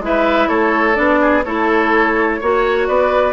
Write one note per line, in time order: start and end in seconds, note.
0.00 0.48 G#3
0.00 0.95 E4
0.00 0.49 B4
0.00 0.49 E5
0.49 0.97 A3
0.49 1.20 A4
0.49 0.96 C#5
0.95 1.46 B3
0.95 1.43 D4
0.95 1.44 D5
1.21 1.45 G#4
1.45 2.41 A3
1.45 2.41 E4
1.45 2.41 A4
1.45 2.87 C#5
2.41 2.89 A#3
2.41 3.33 F#4
2.41 2.88 C#5
2.87 3.33 B3
2.87 3.33 B4
2.87 3.33 D5